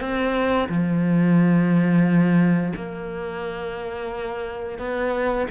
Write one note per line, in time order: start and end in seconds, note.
0.00 0.68 C4
0.68 2.73 F3
2.76 4.78 A#3
4.78 5.46 B3